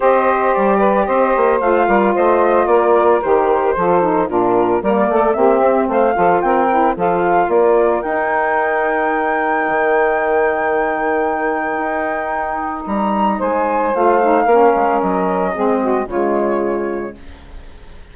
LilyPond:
<<
  \new Staff \with { instrumentName = "flute" } { \time 4/4 \tempo 4 = 112 dis''4 d''4 dis''4 f''4 | dis''4 d''4 c''2 | ais'4 d''4 e''4 f''4 | g''4 f''4 d''4 g''4~ |
g''1~ | g''1 | ais''4 gis''4 f''2 | dis''2 cis''2 | }
  \new Staff \with { instrumentName = "saxophone" } { \time 4/4 c''4. b'8 c''4. ais'8 | c''4 ais'2 a'4 | f'4 ais'8 a'8 g'4 c''8 a'8 | ais'4 a'4 ais'2~ |
ais'1~ | ais'1~ | ais'4 c''2 ais'4~ | ais'4 gis'8 fis'8 f'2 | }
  \new Staff \with { instrumentName = "saxophone" } { \time 4/4 g'2. f'4~ | f'2 g'4 f'8 dis'8 | d'4 ais4 c'4. f'8~ | f'8 e'8 f'2 dis'4~ |
dis'1~ | dis'1~ | dis'2 f'8 dis'8 cis'4~ | cis'4 c'4 gis2 | }
  \new Staff \with { instrumentName = "bassoon" } { \time 4/4 c'4 g4 c'8 ais8 a8 g8 | a4 ais4 dis4 f4 | ais,4 g8 a8 ais8 c'8 a8 f8 | c'4 f4 ais4 dis'4~ |
dis'2 dis2~ | dis2 dis'2 | g4 gis4 a4 ais8 gis8 | fis4 gis4 cis2 | }
>>